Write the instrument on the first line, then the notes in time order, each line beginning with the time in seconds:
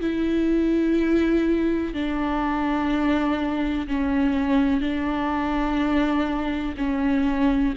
viola
0.00 E4
1.94 D4
3.88 C#4
4.81 D4
6.77 C#4